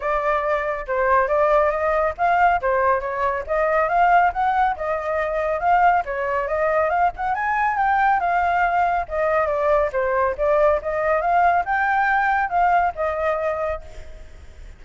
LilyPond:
\new Staff \with { instrumentName = "flute" } { \time 4/4 \tempo 4 = 139 d''2 c''4 d''4 | dis''4 f''4 c''4 cis''4 | dis''4 f''4 fis''4 dis''4~ | dis''4 f''4 cis''4 dis''4 |
f''8 fis''8 gis''4 g''4 f''4~ | f''4 dis''4 d''4 c''4 | d''4 dis''4 f''4 g''4~ | g''4 f''4 dis''2 | }